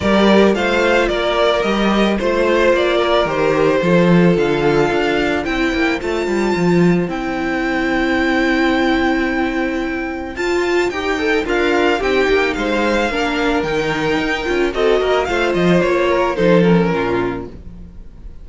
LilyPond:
<<
  \new Staff \with { instrumentName = "violin" } { \time 4/4 \tempo 4 = 110 d''4 f''4 d''4 dis''4 | c''4 d''4 c''2 | f''2 g''4 a''4~ | a''4 g''2.~ |
g''2. a''4 | g''4 f''4 g''4 f''4~ | f''4 g''2 dis''4 | f''8 dis''8 cis''4 c''8 ais'4. | }
  \new Staff \with { instrumentName = "violin" } { \time 4/4 ais'4 c''4 ais'2 | c''4. ais'4. a'4~ | a'2 c''2~ | c''1~ |
c''1~ | c''4 f'4 g'4 c''4 | ais'2. a'8 ais'8 | c''4. ais'8 a'4 f'4 | }
  \new Staff \with { instrumentName = "viola" } { \time 4/4 g'4 f'2 g'4 | f'2 g'4 f'4~ | f'2 e'4 f'4~ | f'4 e'2.~ |
e'2. f'4 | g'8 a'8 ais'4 dis'2 | d'4 dis'4. f'8 fis'4 | f'2 dis'8 cis'4. | }
  \new Staff \with { instrumentName = "cello" } { \time 4/4 g4 a4 ais4 g4 | a4 ais4 dis4 f4 | d4 d'4 c'8 ais8 a8 g8 | f4 c'2.~ |
c'2. f'4 | dis'4 d'4 c'8 ais8 gis4 | ais4 dis4 dis'8 cis'8 c'8 ais8 | a8 f8 ais4 f4 ais,4 | }
>>